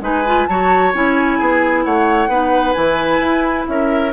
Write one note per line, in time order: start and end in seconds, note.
0.00 0.46 G#3
0.00 0.23 D#4
0.00 0.49 B4
0.00 0.47 G#5
0.26 0.49 F4
0.47 0.93 F#3
0.47 0.94 F#4
0.47 1.38 C#5
0.47 0.92 A5
0.93 1.39 C#4
0.93 2.29 E4
0.93 1.84 G#5
1.38 1.85 B3
1.38 1.84 G#4
1.84 2.28 A3
1.84 2.29 C#5
1.84 2.73 F#5
2.28 2.74 B3
2.28 2.75 D#4
2.28 3.66 B4
2.73 3.19 E3
2.73 4.12 E4
2.73 3.64 G#5
3.19 3.65 E4
3.67 4.12 C#4
3.67 4.12 A#4
3.67 4.12 E5